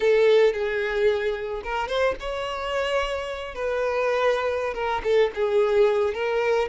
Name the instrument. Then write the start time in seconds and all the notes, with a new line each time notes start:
violin
0.00 A4
0.53 G#4
1.63 A#4
1.88 C5
2.19 C#5
3.54 B4
4.74 A#4
5.03 A4
5.34 G#4
6.14 A#4